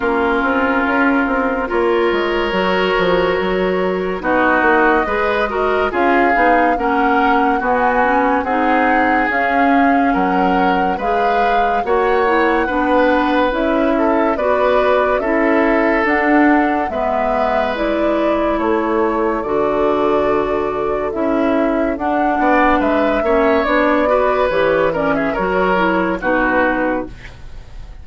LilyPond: <<
  \new Staff \with { instrumentName = "flute" } { \time 4/4 \tempo 4 = 71 ais'2 cis''2~ | cis''4 dis''2 f''4 | fis''4 gis''4 fis''4 f''4 | fis''4 f''4 fis''2 |
e''4 d''4 e''4 fis''4 | e''4 d''4 cis''4 d''4~ | d''4 e''4 fis''4 e''4 | d''4 cis''8 d''16 e''16 cis''4 b'4 | }
  \new Staff \with { instrumentName = "oboe" } { \time 4/4 f'2 ais'2~ | ais'4 fis'4 b'8 ais'8 gis'4 | ais'4 fis'4 gis'2 | ais'4 b'4 cis''4 b'4~ |
b'8 a'8 b'4 a'2 | b'2 a'2~ | a'2~ a'8 d''8 b'8 cis''8~ | cis''8 b'4 ais'16 gis'16 ais'4 fis'4 | }
  \new Staff \with { instrumentName = "clarinet" } { \time 4/4 cis'2 f'4 fis'4~ | fis'4 dis'4 gis'8 fis'8 f'8 dis'8 | cis'4 b8 cis'8 dis'4 cis'4~ | cis'4 gis'4 fis'8 e'8 d'4 |
e'4 fis'4 e'4 d'4 | b4 e'2 fis'4~ | fis'4 e'4 d'4. cis'8 | d'8 fis'8 g'8 cis'8 fis'8 e'8 dis'4 | }
  \new Staff \with { instrumentName = "bassoon" } { \time 4/4 ais8 c'8 cis'8 c'8 ais8 gis8 fis8 f8 | fis4 b8 ais8 gis4 cis'8 b8 | ais4 b4 c'4 cis'4 | fis4 gis4 ais4 b4 |
cis'4 b4 cis'4 d'4 | gis2 a4 d4~ | d4 cis'4 d'8 b8 gis8 ais8 | b4 e4 fis4 b,4 | }
>>